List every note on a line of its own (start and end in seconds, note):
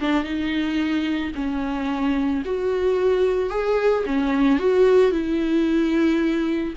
0.00 0.24 D4
0.24 1.32 D#4
1.35 2.43 C#4
2.45 3.50 F#4
3.50 4.04 G#4
4.06 4.59 C#4
4.59 5.12 F#4
5.12 6.74 E4